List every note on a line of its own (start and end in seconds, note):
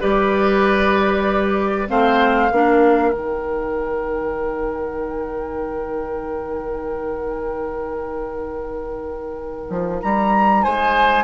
0.00 1.89 G3
0.00 1.87 G4
0.00 1.88 B4
0.00 1.88 D5
1.87 2.51 A3
1.87 2.50 C4
1.87 2.52 C5
1.87 3.12 F5
2.51 3.12 A#3
2.51 3.13 D4
2.51 10.63 A#4
3.12 9.69 D#3
3.12 11.24 D#4
3.12 9.99 G5
9.70 10.01 F3
10.02 10.65 G3
10.02 10.63 A#5
10.63 11.24 G#3
10.63 11.24 C5
10.63 11.24 G#5